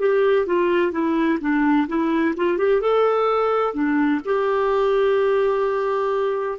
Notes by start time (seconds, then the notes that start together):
0.00 G4
0.47 F4
0.92 E4
1.41 D4
1.88 E4
2.37 F4
2.58 G4
2.81 A4
3.74 D4
4.25 G4